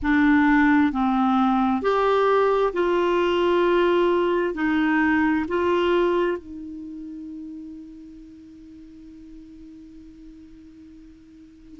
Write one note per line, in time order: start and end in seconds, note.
0.02 0.92 D4
0.92 1.82 C4
1.82 2.73 G4
2.73 4.54 F4
4.54 5.45 D#4
5.48 6.37 F4
6.37 11.79 D#4